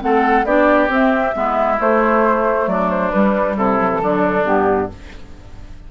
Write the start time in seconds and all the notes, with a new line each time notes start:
0.00 A3 C4 A4 F#5
0.44 B3 D4 G4 D5
0.89 C4 E5
1.34 G#3 B3 E4
1.79 A3 C5
2.67 F#3 D4 D5
2.90 C5
3.11 G3 B4
3.56 C3 E4 A4
3.80 F#3
3.92 E3
4.01 D3 F#3 D4
4.44 G2 B3 G4